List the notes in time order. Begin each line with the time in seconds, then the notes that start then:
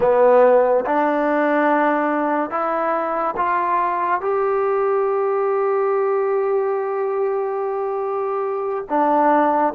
0.00 B3
0.85 D4
2.50 E4
3.36 F4
4.20 G4
8.89 D4